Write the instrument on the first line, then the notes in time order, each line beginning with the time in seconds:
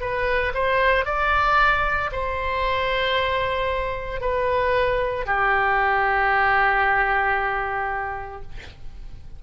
oboe
0.00 B4
0.54 C5
1.05 D5
2.12 C5
4.21 B4
5.26 G4